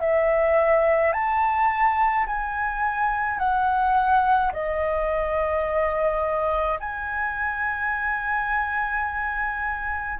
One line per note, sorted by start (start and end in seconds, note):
0.00 1.12 E5
1.12 2.25 A5
2.26 3.38 G#5
3.38 4.51 F#5
4.52 6.79 D#5
6.79 10.19 G#5